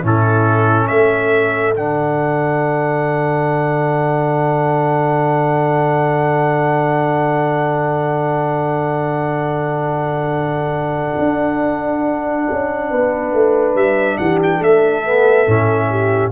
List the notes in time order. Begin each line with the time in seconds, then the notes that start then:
0.00 A2 C#4 E4 A4
0.87 A3 A4 E5
1.74 D3 D4 F#5
11.19 D4
12.51 C#4
12.89 B3 B4
13.33 A3
13.74 G3 E5
14.17 E3 G4 F#5
14.42 G5
14.56 A3 A4
14.63 E5
15.04 B3
15.46 A2 C#4
15.89 G4